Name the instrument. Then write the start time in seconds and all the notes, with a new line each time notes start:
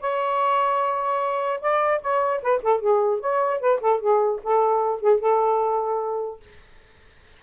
saxophone
0.00 C#5
1.61 D5
2.01 C#5
2.42 B4
2.62 A4
2.80 G#4
3.20 C#5
3.60 B4
3.81 A4
4.00 G#4
4.43 A4
5.00 G#4
5.20 A4